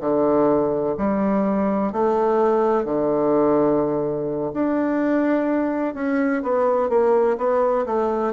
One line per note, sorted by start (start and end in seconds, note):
0.00 0.95 D3
0.97 1.92 G3
1.92 2.84 A3
2.84 4.51 D3
4.53 5.94 D4
5.94 6.42 C#4
6.42 6.89 B3
6.89 7.36 A#3
7.37 7.85 B3
7.85 8.33 A3